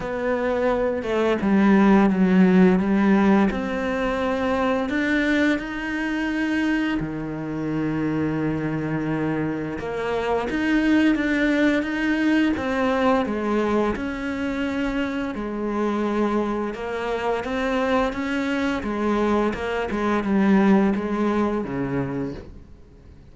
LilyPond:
\new Staff \with { instrumentName = "cello" } { \time 4/4 \tempo 4 = 86 b4. a8 g4 fis4 | g4 c'2 d'4 | dis'2 dis2~ | dis2 ais4 dis'4 |
d'4 dis'4 c'4 gis4 | cis'2 gis2 | ais4 c'4 cis'4 gis4 | ais8 gis8 g4 gis4 cis4 | }